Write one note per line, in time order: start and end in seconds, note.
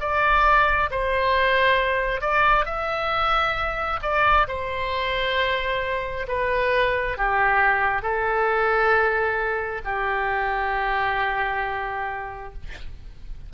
0.00 0.90 D5
0.91 2.21 C5
2.21 2.65 D5
2.65 4.00 E5
4.02 4.47 D5
4.47 6.26 C5
6.28 7.17 B4
7.17 8.02 G4
8.02 9.81 A4
9.85 12.53 G4